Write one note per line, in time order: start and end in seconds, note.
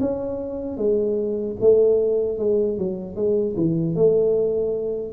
0.00 0.77 C#4
0.77 1.56 G#3
1.60 2.38 A3
2.38 2.78 G#3
2.78 3.15 F#3
3.15 3.55 G#3
3.56 3.95 E3
3.95 5.13 A3